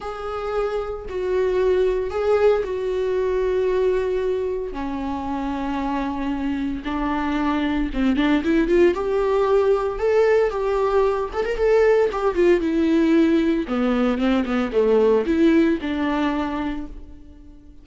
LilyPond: \new Staff \with { instrumentName = "viola" } { \time 4/4 \tempo 4 = 114 gis'2 fis'2 | gis'4 fis'2.~ | fis'4 cis'2.~ | cis'4 d'2 c'8 d'8 |
e'8 f'8 g'2 a'4 | g'4. a'16 ais'16 a'4 g'8 f'8 | e'2 b4 c'8 b8 | a4 e'4 d'2 | }